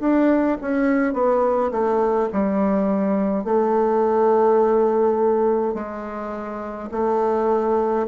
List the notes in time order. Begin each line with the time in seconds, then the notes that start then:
0.00 D4
0.62 C#4
1.14 B3
1.72 A3
2.33 G3
3.45 A3
5.74 G#3
6.92 A3